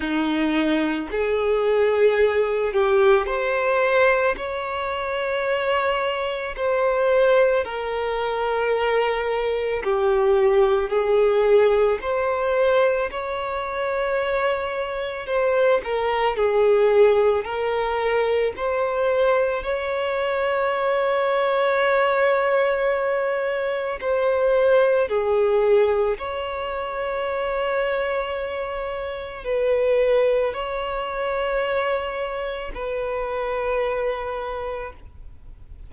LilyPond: \new Staff \with { instrumentName = "violin" } { \time 4/4 \tempo 4 = 55 dis'4 gis'4. g'8 c''4 | cis''2 c''4 ais'4~ | ais'4 g'4 gis'4 c''4 | cis''2 c''8 ais'8 gis'4 |
ais'4 c''4 cis''2~ | cis''2 c''4 gis'4 | cis''2. b'4 | cis''2 b'2 | }